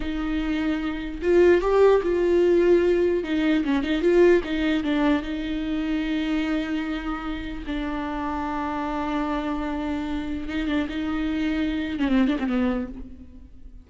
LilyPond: \new Staff \with { instrumentName = "viola" } { \time 4/4 \tempo 4 = 149 dis'2. f'4 | g'4 f'2. | dis'4 cis'8 dis'8 f'4 dis'4 | d'4 dis'2.~ |
dis'2. d'4~ | d'1~ | d'2 dis'8 d'8 dis'4~ | dis'4.~ dis'16 cis'16 c'8 d'16 c'16 b4 | }